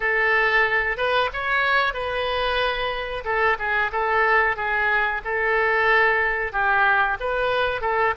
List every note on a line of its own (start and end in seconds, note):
0.00 0.97 A4
0.97 1.29 B4
1.33 1.93 C#5
1.93 3.24 B4
3.24 3.57 A4
3.58 3.91 G#4
3.92 4.56 A4
4.56 5.21 G#4
5.24 6.52 A4
6.52 7.17 G4
7.19 7.81 B4
7.81 8.14 A4